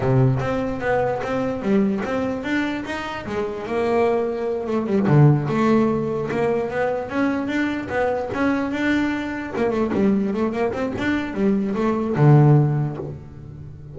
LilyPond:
\new Staff \with { instrumentName = "double bass" } { \time 4/4 \tempo 4 = 148 c4 c'4 b4 c'4 | g4 c'4 d'4 dis'4 | gis4 ais2~ ais8 a8 | g8 d4 a2 ais8~ |
ais8 b4 cis'4 d'4 b8~ | b8 cis'4 d'2 ais8 | a8 g4 a8 ais8 c'8 d'4 | g4 a4 d2 | }